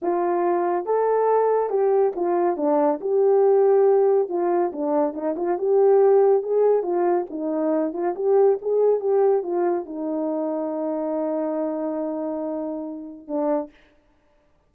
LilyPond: \new Staff \with { instrumentName = "horn" } { \time 4/4 \tempo 4 = 140 f'2 a'2 | g'4 f'4 d'4 g'4~ | g'2 f'4 d'4 | dis'8 f'8 g'2 gis'4 |
f'4 dis'4. f'8 g'4 | gis'4 g'4 f'4 dis'4~ | dis'1~ | dis'2. d'4 | }